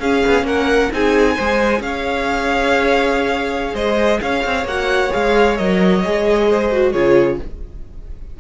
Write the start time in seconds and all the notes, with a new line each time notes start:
0.00 C#4 G#4 F5
0.27 B3
0.43 A#3 A#4 F#5
0.93 C4 D#4 G#4 G#5
1.36 G#3 G#4 C5
1.80 C#4 F5
1.87 C#5
3.75 G#3 C5 D#5
4.22 C#4 C#5 F5
4.46 C4
4.65 A#3 F#4 F#5
5.11 G#3 G#4 F5
5.57 F#3 A#4 D#5
6.04 G#3 G#4
6.50 C5
6.72 F#4
6.93 C#3 F4 G#4 C#5